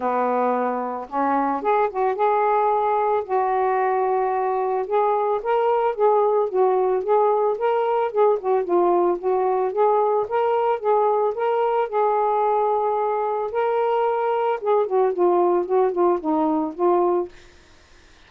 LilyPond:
\new Staff \with { instrumentName = "saxophone" } { \time 4/4 \tempo 4 = 111 b2 cis'4 gis'8 fis'8 | gis'2 fis'2~ | fis'4 gis'4 ais'4 gis'4 | fis'4 gis'4 ais'4 gis'8 fis'8 |
f'4 fis'4 gis'4 ais'4 | gis'4 ais'4 gis'2~ | gis'4 ais'2 gis'8 fis'8 | f'4 fis'8 f'8 dis'4 f'4 | }